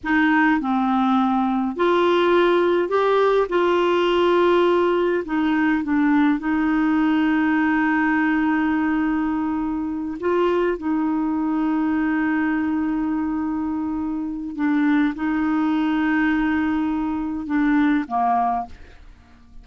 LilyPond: \new Staff \with { instrumentName = "clarinet" } { \time 4/4 \tempo 4 = 103 dis'4 c'2 f'4~ | f'4 g'4 f'2~ | f'4 dis'4 d'4 dis'4~ | dis'1~ |
dis'4. f'4 dis'4.~ | dis'1~ | dis'4 d'4 dis'2~ | dis'2 d'4 ais4 | }